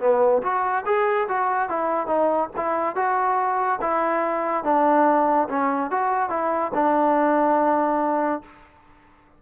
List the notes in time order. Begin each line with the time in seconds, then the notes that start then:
0.00 B3
0.42 F#4
0.85 G#4
1.28 F#4
1.69 E4
2.07 D#4
2.56 E4
2.96 F#4
3.81 E4
4.64 D4
5.49 C#4
5.91 F#4
6.30 E4
6.74 D4